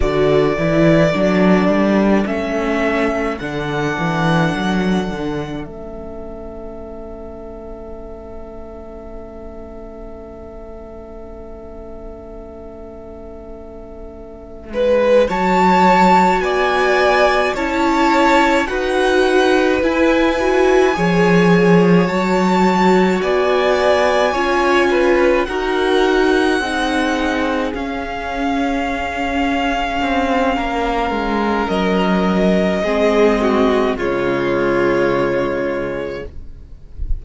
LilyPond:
<<
  \new Staff \with { instrumentName = "violin" } { \time 4/4 \tempo 4 = 53 d''2 e''4 fis''4~ | fis''4 e''2.~ | e''1~ | e''4. a''4 gis''4 a''8~ |
a''8 fis''4 gis''2 a''8~ | a''8 gis''2 fis''4.~ | fis''8 f''2.~ f''8 | dis''2 cis''2 | }
  \new Staff \with { instrumentName = "violin" } { \time 4/4 a'1~ | a'1~ | a'1~ | a'4 b'8 cis''4 d''4 cis''8~ |
cis''8 b'2 cis''4.~ | cis''8 d''4 cis''8 b'8 ais'4 gis'8~ | gis'2. ais'4~ | ais'4 gis'8 fis'8 f'2 | }
  \new Staff \with { instrumentName = "viola" } { \time 4/4 fis'8 e'8 d'4 cis'4 d'4~ | d'4 cis'2.~ | cis'1~ | cis'4. fis'2 e'8~ |
e'8 fis'4 e'8 fis'8 gis'4 fis'8~ | fis'4. f'4 fis'4 dis'8~ | dis'8 cis'2.~ cis'8~ | cis'4 c'4 gis2 | }
  \new Staff \with { instrumentName = "cello" } { \time 4/4 d8 e8 fis8 g8 a4 d8 e8 | fis8 d8 a2.~ | a1~ | a4 gis8 fis4 b4 cis'8~ |
cis'8 dis'4 e'4 f4 fis8~ | fis8 b4 cis'4 dis'4 c'8~ | c'8 cis'2 c'8 ais8 gis8 | fis4 gis4 cis2 | }
>>